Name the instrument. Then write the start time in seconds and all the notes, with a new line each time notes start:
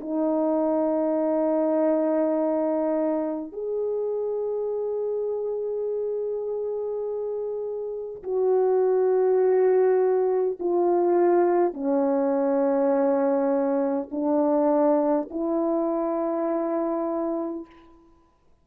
horn
0.00 D#4
3.52 G#4
8.23 F#4
10.59 F4
11.73 C#4
14.11 D4
15.30 E4